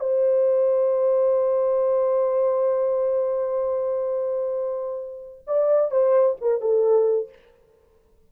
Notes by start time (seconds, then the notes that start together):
0.00 C5
5.47 D5
5.91 C5
6.41 A#4
6.61 A4